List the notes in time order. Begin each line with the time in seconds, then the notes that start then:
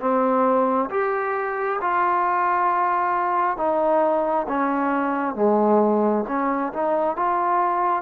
0.00 C4
0.90 G4
1.81 F4
3.57 D#4
4.48 C#4
5.35 G#3
6.28 C#4
6.73 D#4
7.16 F4